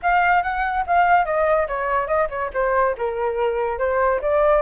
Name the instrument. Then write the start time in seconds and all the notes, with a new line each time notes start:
flute
0.02 F5
0.43 F#5
0.86 F5
1.25 D#5
1.67 C#5
2.07 D#5
2.29 C#5
2.53 C5
2.97 A#4
3.78 C5
4.21 D5